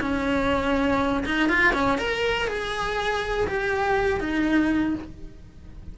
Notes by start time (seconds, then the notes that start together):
0.00 C#4
1.26 D#4
1.49 F4
1.73 C#4
1.98 A#4
2.48 G#4
3.47 G4
4.20 D#4